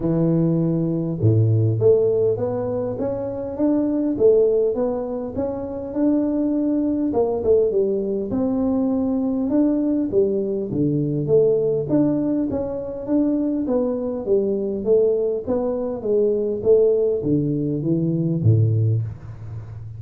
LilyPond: \new Staff \with { instrumentName = "tuba" } { \time 4/4 \tempo 4 = 101 e2 a,4 a4 | b4 cis'4 d'4 a4 | b4 cis'4 d'2 | ais8 a8 g4 c'2 |
d'4 g4 d4 a4 | d'4 cis'4 d'4 b4 | g4 a4 b4 gis4 | a4 d4 e4 a,4 | }